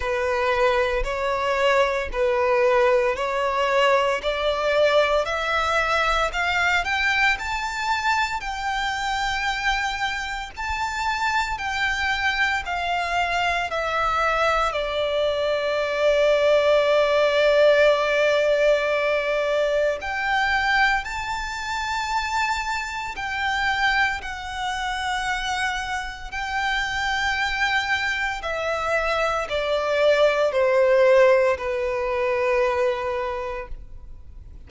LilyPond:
\new Staff \with { instrumentName = "violin" } { \time 4/4 \tempo 4 = 57 b'4 cis''4 b'4 cis''4 | d''4 e''4 f''8 g''8 a''4 | g''2 a''4 g''4 | f''4 e''4 d''2~ |
d''2. g''4 | a''2 g''4 fis''4~ | fis''4 g''2 e''4 | d''4 c''4 b'2 | }